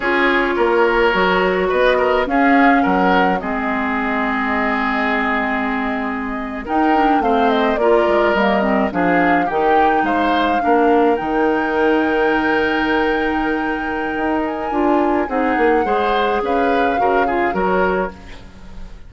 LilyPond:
<<
  \new Staff \with { instrumentName = "flute" } { \time 4/4 \tempo 4 = 106 cis''2. dis''4 | f''4 fis''4 dis''2~ | dis''2.~ dis''8. g''16~ | g''8. f''8 dis''8 d''4 dis''4 f''16~ |
f''8. g''4 f''2 g''16~ | g''1~ | g''4. gis''4. fis''4~ | fis''4 f''2 cis''4 | }
  \new Staff \with { instrumentName = "oboe" } { \time 4/4 gis'4 ais'2 b'8 ais'8 | gis'4 ais'4 gis'2~ | gis'2.~ gis'8. ais'16~ | ais'8. c''4 ais'2 gis'16~ |
gis'8. g'4 c''4 ais'4~ ais'16~ | ais'1~ | ais'2. gis'4 | c''4 b'4 ais'8 gis'8 ais'4 | }
  \new Staff \with { instrumentName = "clarinet" } { \time 4/4 f'2 fis'2 | cis'2 c'2~ | c'2.~ c'8. dis'16~ | dis'16 d'8 c'4 f'4 ais8 c'8 d'16~ |
d'8. dis'2 d'4 dis'16~ | dis'1~ | dis'2 f'4 dis'4 | gis'2 fis'8 f'8 fis'4 | }
  \new Staff \with { instrumentName = "bassoon" } { \time 4/4 cis'4 ais4 fis4 b4 | cis'4 fis4 gis2~ | gis2.~ gis8. dis'16~ | dis'8. a4 ais8 gis8 g4 f16~ |
f8. dis4 gis4 ais4 dis16~ | dis1~ | dis4 dis'4 d'4 c'8 ais8 | gis4 cis'4 cis4 fis4 | }
>>